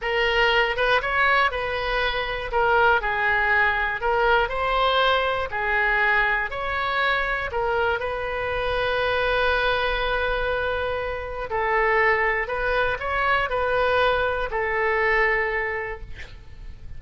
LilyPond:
\new Staff \with { instrumentName = "oboe" } { \time 4/4 \tempo 4 = 120 ais'4. b'8 cis''4 b'4~ | b'4 ais'4 gis'2 | ais'4 c''2 gis'4~ | gis'4 cis''2 ais'4 |
b'1~ | b'2. a'4~ | a'4 b'4 cis''4 b'4~ | b'4 a'2. | }